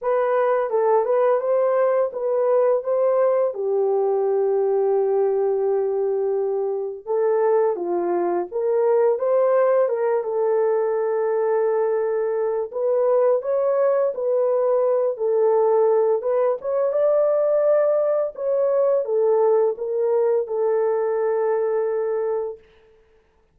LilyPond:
\new Staff \with { instrumentName = "horn" } { \time 4/4 \tempo 4 = 85 b'4 a'8 b'8 c''4 b'4 | c''4 g'2.~ | g'2 a'4 f'4 | ais'4 c''4 ais'8 a'4.~ |
a'2 b'4 cis''4 | b'4. a'4. b'8 cis''8 | d''2 cis''4 a'4 | ais'4 a'2. | }